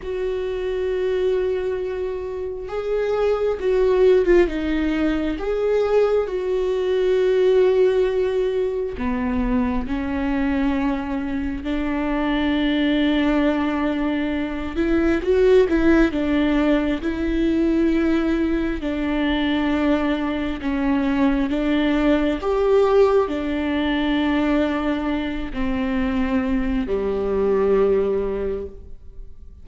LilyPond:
\new Staff \with { instrumentName = "viola" } { \time 4/4 \tempo 4 = 67 fis'2. gis'4 | fis'8. f'16 dis'4 gis'4 fis'4~ | fis'2 b4 cis'4~ | cis'4 d'2.~ |
d'8 e'8 fis'8 e'8 d'4 e'4~ | e'4 d'2 cis'4 | d'4 g'4 d'2~ | d'8 c'4. g2 | }